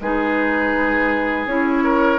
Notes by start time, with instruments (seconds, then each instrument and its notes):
0.00 bassoon G#3, clarinet D#4, oboe G#4, flute B4
1.46 bassoon C#4, clarinet E4, flute C#5
1.84 oboe A#4